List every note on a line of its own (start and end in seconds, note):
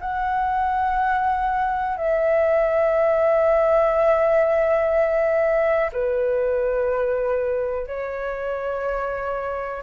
0.00 1.97 F#5
1.97 5.91 E5
5.92 7.86 B4
7.86 9.82 C#5